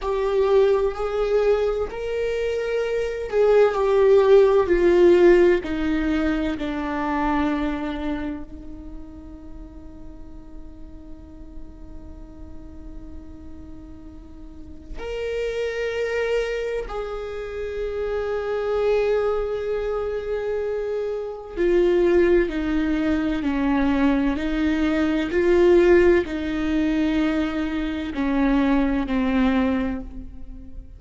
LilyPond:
\new Staff \with { instrumentName = "viola" } { \time 4/4 \tempo 4 = 64 g'4 gis'4 ais'4. gis'8 | g'4 f'4 dis'4 d'4~ | d'4 dis'2.~ | dis'1 |
ais'2 gis'2~ | gis'2. f'4 | dis'4 cis'4 dis'4 f'4 | dis'2 cis'4 c'4 | }